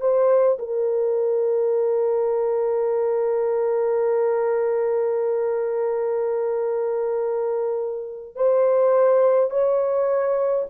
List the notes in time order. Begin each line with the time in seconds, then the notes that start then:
0.00 C5
0.59 A#4
8.35 C5
9.50 C#5